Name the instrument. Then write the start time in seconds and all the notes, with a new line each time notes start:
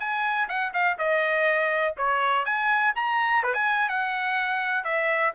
trumpet
0.00 G#5
0.49 F#5
0.74 F5
0.99 D#5
1.98 C#5
2.45 G#5
2.96 A#5
3.43 B4
3.54 G#5
3.89 F#5
4.85 E5